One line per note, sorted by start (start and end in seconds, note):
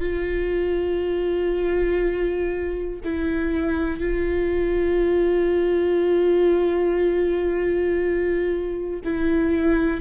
0.00 3.00 F4
3.05 4.01 E4
4.01 9.01 F4
9.05 10.01 E4